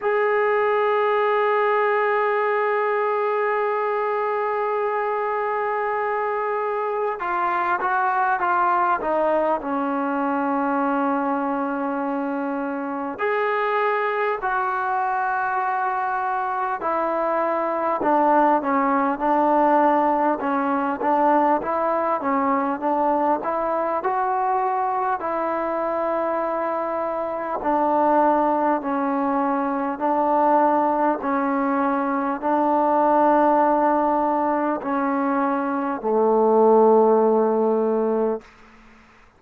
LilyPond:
\new Staff \with { instrumentName = "trombone" } { \time 4/4 \tempo 4 = 50 gis'1~ | gis'2 f'8 fis'8 f'8 dis'8 | cis'2. gis'4 | fis'2 e'4 d'8 cis'8 |
d'4 cis'8 d'8 e'8 cis'8 d'8 e'8 | fis'4 e'2 d'4 | cis'4 d'4 cis'4 d'4~ | d'4 cis'4 a2 | }